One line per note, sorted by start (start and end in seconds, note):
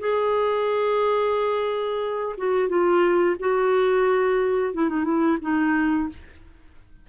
0.00 2.36 G#4
2.38 2.69 F#4
2.69 3.36 F4
3.40 4.74 F#4
4.74 4.89 E4
4.89 5.04 D#4
5.04 5.38 E4
5.42 6.09 D#4